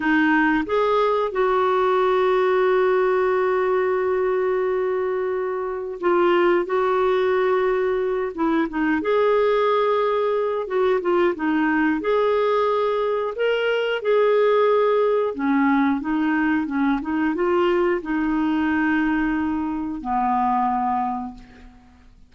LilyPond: \new Staff \with { instrumentName = "clarinet" } { \time 4/4 \tempo 4 = 90 dis'4 gis'4 fis'2~ | fis'1~ | fis'4 f'4 fis'2~ | fis'8 e'8 dis'8 gis'2~ gis'8 |
fis'8 f'8 dis'4 gis'2 | ais'4 gis'2 cis'4 | dis'4 cis'8 dis'8 f'4 dis'4~ | dis'2 b2 | }